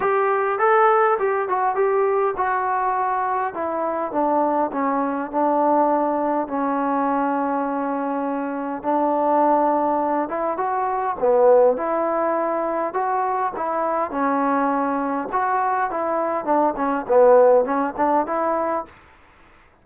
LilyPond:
\new Staff \with { instrumentName = "trombone" } { \time 4/4 \tempo 4 = 102 g'4 a'4 g'8 fis'8 g'4 | fis'2 e'4 d'4 | cis'4 d'2 cis'4~ | cis'2. d'4~ |
d'4. e'8 fis'4 b4 | e'2 fis'4 e'4 | cis'2 fis'4 e'4 | d'8 cis'8 b4 cis'8 d'8 e'4 | }